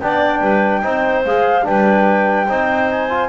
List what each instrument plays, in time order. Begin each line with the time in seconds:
0.00 double bass B3, trombone D4, clarinet D5, flute G5
0.40 double bass G3, clarinet B4
0.83 double bass C4, trombone D#4, clarinet C5
1.24 double bass G#3, trombone G#4, flute F5
1.63 double bass G3, trombone D4, clarinet B4, flute G5
2.48 double bass C4, trombone D#4, clarinet C5
2.90 flute G#5
3.10 trombone F4